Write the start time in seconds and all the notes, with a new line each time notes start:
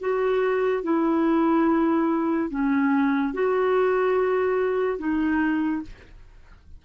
0.00 F#4
0.83 E4
2.50 C#4
3.34 F#4
4.99 D#4